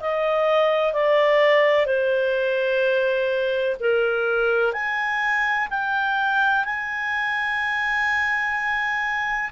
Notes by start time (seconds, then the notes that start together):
0.00 D#5
0.93 D5
1.86 C5
3.80 A#4
4.73 G#5
5.70 G5
6.65 G#5